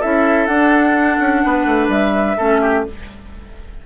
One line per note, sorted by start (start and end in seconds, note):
0.00 0.48 C#4
0.00 0.49 E4
0.00 1.42 A4
0.00 0.47 E5
0.47 1.19 D4
0.47 2.38 D4
0.47 1.88 F#5
1.20 1.44 C#4
1.46 1.66 B3
1.46 2.37 B4
1.66 1.88 A3
1.88 2.36 G3
1.88 2.85 E5
2.37 2.87 A3
2.37 2.86 C#4
2.37 2.61 A4
2.61 2.85 G4